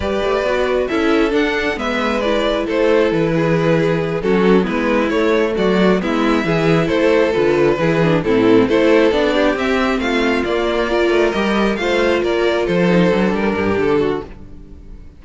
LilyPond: <<
  \new Staff \with { instrumentName = "violin" } { \time 4/4 \tempo 4 = 135 d''2 e''4 fis''4 | e''4 d''4 c''4 b'4~ | b'4. a'4 b'4 cis''8~ | cis''8 d''4 e''2 c''8~ |
c''8 b'2 a'4 c''8~ | c''8 d''4 e''4 f''4 d''8~ | d''4. dis''4 f''4 d''8~ | d''8 c''4. ais'4 a'4 | }
  \new Staff \with { instrumentName = "violin" } { \time 4/4 b'2 a'2 | b'2 a'4. gis'8~ | gis'4. fis'4 e'4.~ | e'8 fis'4 e'4 gis'4 a'8~ |
a'4. gis'4 e'4 a'8~ | a'4 g'4. f'4.~ | f'8 ais'2 c''4 ais'8~ | ais'8 a'2 g'4 fis'8 | }
  \new Staff \with { instrumentName = "viola" } { \time 4/4 g'4 fis'4 e'4 d'4 | b4 e'2.~ | e'4. cis'4 b4 a8~ | a4. b4 e'4.~ |
e'8 f'4 e'8 d'8 c'4 e'8~ | e'8 d'4 c'2 ais8~ | ais8 f'4 g'4 f'4.~ | f'4 dis'8 d'2~ d'8 | }
  \new Staff \with { instrumentName = "cello" } { \time 4/4 g8 a8 b4 cis'4 d'4 | gis2 a4 e4~ | e4. fis4 gis4 a8~ | a8 fis4 gis4 e4 a8~ |
a8 d4 e4 a,4 a8~ | a8 b4 c'4 a4 ais8~ | ais4 a8 g4 a4 ais8~ | ais8 f4 fis8 g8 g,8 d4 | }
>>